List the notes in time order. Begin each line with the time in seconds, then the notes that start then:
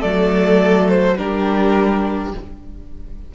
0.00 F#3 A3 A4 D5
0.89 C5
1.18 G3 D4 G4 A#4